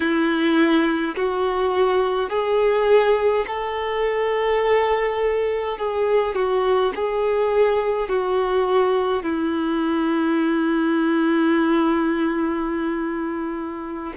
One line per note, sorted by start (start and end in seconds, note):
0.00 1.15 E4
1.15 2.29 F#4
2.29 3.45 G#4
3.47 5.77 A4
5.77 6.35 G#4
6.35 6.92 F#4
6.95 8.08 G#4
8.08 9.23 F#4
9.23 14.13 E4